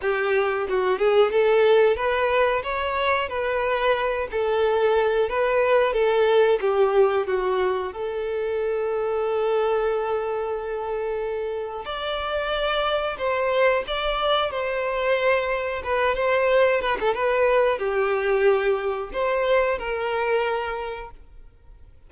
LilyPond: \new Staff \with { instrumentName = "violin" } { \time 4/4 \tempo 4 = 91 g'4 fis'8 gis'8 a'4 b'4 | cis''4 b'4. a'4. | b'4 a'4 g'4 fis'4 | a'1~ |
a'2 d''2 | c''4 d''4 c''2 | b'8 c''4 b'16 a'16 b'4 g'4~ | g'4 c''4 ais'2 | }